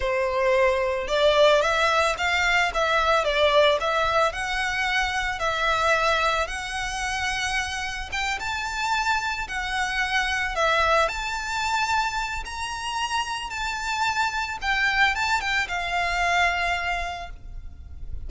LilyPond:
\new Staff \with { instrumentName = "violin" } { \time 4/4 \tempo 4 = 111 c''2 d''4 e''4 | f''4 e''4 d''4 e''4 | fis''2 e''2 | fis''2. g''8 a''8~ |
a''4. fis''2 e''8~ | e''8 a''2~ a''8 ais''4~ | ais''4 a''2 g''4 | a''8 g''8 f''2. | }